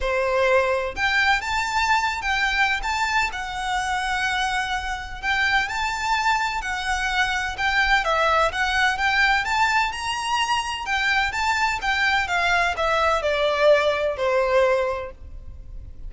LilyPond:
\new Staff \with { instrumentName = "violin" } { \time 4/4 \tempo 4 = 127 c''2 g''4 a''4~ | a''8. g''4~ g''16 a''4 fis''4~ | fis''2. g''4 | a''2 fis''2 |
g''4 e''4 fis''4 g''4 | a''4 ais''2 g''4 | a''4 g''4 f''4 e''4 | d''2 c''2 | }